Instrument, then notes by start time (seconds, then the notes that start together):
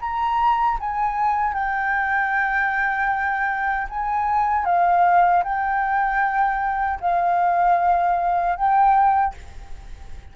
flute
0.00 A#5
0.80 G#5
1.54 G5
3.90 G#5
4.65 F5
5.44 G5
7.01 F5
8.56 G5